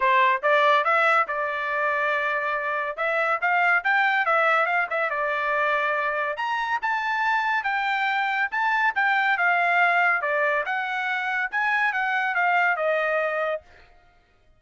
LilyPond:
\new Staff \with { instrumentName = "trumpet" } { \time 4/4 \tempo 4 = 141 c''4 d''4 e''4 d''4~ | d''2. e''4 | f''4 g''4 e''4 f''8 e''8 | d''2. ais''4 |
a''2 g''2 | a''4 g''4 f''2 | d''4 fis''2 gis''4 | fis''4 f''4 dis''2 | }